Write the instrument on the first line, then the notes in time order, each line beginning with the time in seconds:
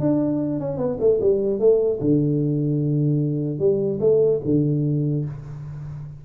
tuba
0.00 D4
0.60 C#4
0.78 B3
1.00 A3
1.21 G3
1.60 A3
2.01 D3
3.59 G3
4.00 A3
4.45 D3